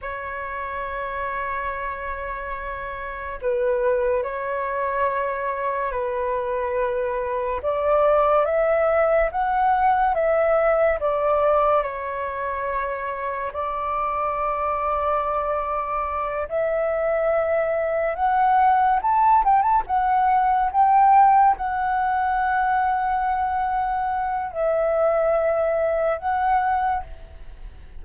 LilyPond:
\new Staff \with { instrumentName = "flute" } { \time 4/4 \tempo 4 = 71 cis''1 | b'4 cis''2 b'4~ | b'4 d''4 e''4 fis''4 | e''4 d''4 cis''2 |
d''2.~ d''8 e''8~ | e''4. fis''4 a''8 g''16 a''16 fis''8~ | fis''8 g''4 fis''2~ fis''8~ | fis''4 e''2 fis''4 | }